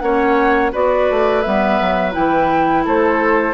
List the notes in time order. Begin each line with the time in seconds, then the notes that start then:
0.00 A#3 C#4 C#5 F#5
0.72 B3 F#4 B4 D5
1.10 A3
1.42 G3 B3 E5
1.81 F#3
2.12 E3 E4 G5
2.85 A3 A4 C5